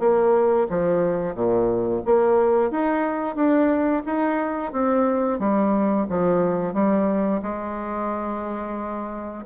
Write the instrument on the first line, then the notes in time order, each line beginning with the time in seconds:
bassoon
0.00 A#3
0.70 F3
1.35 A#2
2.06 A#3
2.71 D#4
3.36 D4
4.06 D#4
4.73 C4
5.40 G3
6.09 F3
6.74 G3
7.43 G#3